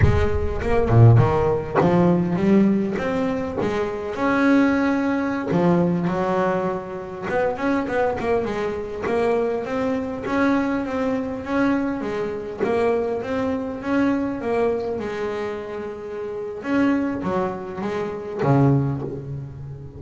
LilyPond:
\new Staff \with { instrumentName = "double bass" } { \time 4/4 \tempo 4 = 101 gis4 ais8 ais,8 dis4 f4 | g4 c'4 gis4 cis'4~ | cis'4~ cis'16 f4 fis4.~ fis16~ | fis16 b8 cis'8 b8 ais8 gis4 ais8.~ |
ais16 c'4 cis'4 c'4 cis'8.~ | cis'16 gis4 ais4 c'4 cis'8.~ | cis'16 ais4 gis2~ gis8. | cis'4 fis4 gis4 cis4 | }